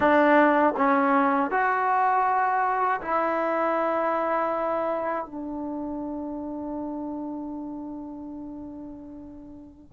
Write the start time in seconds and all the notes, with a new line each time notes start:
0.00 D4
0.76 C#4
1.50 F#4
3.01 E4
5.25 D4